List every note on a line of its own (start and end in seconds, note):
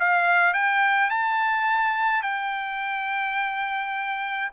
0.00 0.54 F5
0.54 1.10 G5
1.10 2.23 A5
2.23 4.52 G5